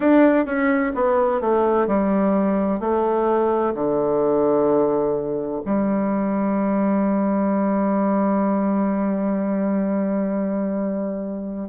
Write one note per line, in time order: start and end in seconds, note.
0.00 0.45 D4
0.45 0.92 C#4
0.94 1.41 B3
1.41 1.87 A3
1.87 2.80 G3
2.80 3.73 A3
3.74 5.61 D3
5.65 11.69 G3